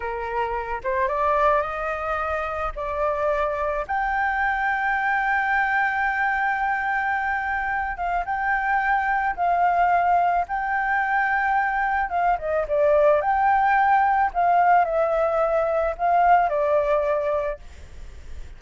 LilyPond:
\new Staff \with { instrumentName = "flute" } { \time 4/4 \tempo 4 = 109 ais'4. c''8 d''4 dis''4~ | dis''4 d''2 g''4~ | g''1~ | g''2~ g''8 f''8 g''4~ |
g''4 f''2 g''4~ | g''2 f''8 dis''8 d''4 | g''2 f''4 e''4~ | e''4 f''4 d''2 | }